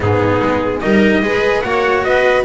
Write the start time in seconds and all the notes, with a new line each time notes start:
0.00 G#2 B3 D#4 G#4
0.41 G#3
0.80 G3 D#4 A#4 D#5
1.22 G#3 G#4 B4
1.61 A#3 F#4 C#5 F#5
2.04 B3 B4 D#5